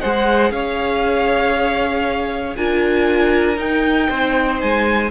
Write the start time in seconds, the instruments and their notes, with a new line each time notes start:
0.00 cello G#3, viola G#4, violin C5 F#5
0.50 cello C#4, violin C#5 F5
2.56 cello D4, viola F4, violin A#4 G#5
3.56 viola D#4, cello D#4, violin G5
4.08 cello C4, violin C5
4.60 cello G#3, violin G#5